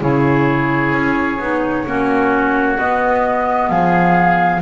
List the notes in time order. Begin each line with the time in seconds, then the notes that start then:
0.00 C#3 E4 G#4 C#5
0.92 C#4
1.39 B3 D#4
1.86 A#3 C#4 F#4
2.78 B3 D#5
3.69 F3 G#4 F5